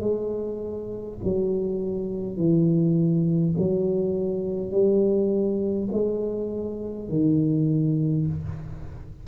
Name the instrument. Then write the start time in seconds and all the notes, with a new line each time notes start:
tuba
0.00 G#3
1.23 F#3
2.36 E3
3.57 F#3
4.71 G3
5.91 G#3
7.09 D#3